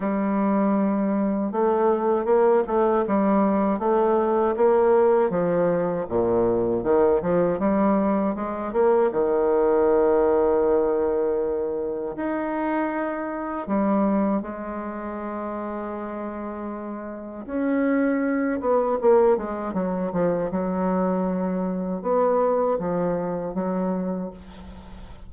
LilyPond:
\new Staff \with { instrumentName = "bassoon" } { \time 4/4 \tempo 4 = 79 g2 a4 ais8 a8 | g4 a4 ais4 f4 | ais,4 dis8 f8 g4 gis8 ais8 | dis1 |
dis'2 g4 gis4~ | gis2. cis'4~ | cis'8 b8 ais8 gis8 fis8 f8 fis4~ | fis4 b4 f4 fis4 | }